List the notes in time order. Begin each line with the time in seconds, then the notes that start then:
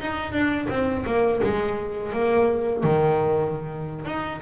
0.00 D#4
0.32 D4
0.69 C4
1.06 A#3
1.43 G#3
2.12 A#3
2.83 D#3
4.05 D#4